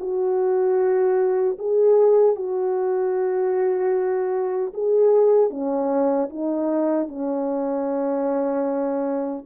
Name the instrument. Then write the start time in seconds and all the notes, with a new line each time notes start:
horn
0.00 F#4
1.59 G#4
2.36 F#4
4.74 G#4
5.50 C#4
6.30 D#4
7.08 C#4